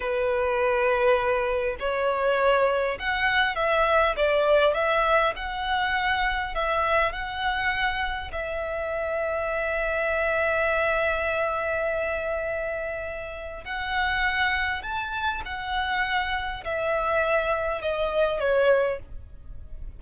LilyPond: \new Staff \with { instrumentName = "violin" } { \time 4/4 \tempo 4 = 101 b'2. cis''4~ | cis''4 fis''4 e''4 d''4 | e''4 fis''2 e''4 | fis''2 e''2~ |
e''1~ | e''2. fis''4~ | fis''4 a''4 fis''2 | e''2 dis''4 cis''4 | }